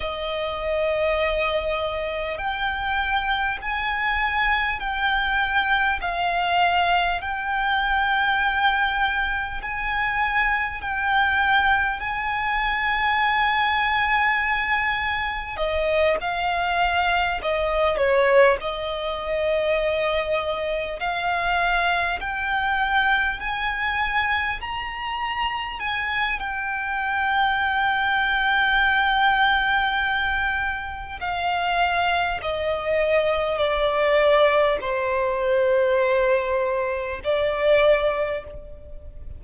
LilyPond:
\new Staff \with { instrumentName = "violin" } { \time 4/4 \tempo 4 = 50 dis''2 g''4 gis''4 | g''4 f''4 g''2 | gis''4 g''4 gis''2~ | gis''4 dis''8 f''4 dis''8 cis''8 dis''8~ |
dis''4. f''4 g''4 gis''8~ | gis''8 ais''4 gis''8 g''2~ | g''2 f''4 dis''4 | d''4 c''2 d''4 | }